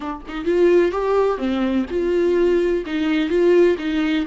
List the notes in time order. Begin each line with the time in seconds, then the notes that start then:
0.00 D4
0.27 D#4
0.44 F4
0.91 G4
1.38 C4
1.90 F4
2.85 D#4
3.29 F4
3.78 D#4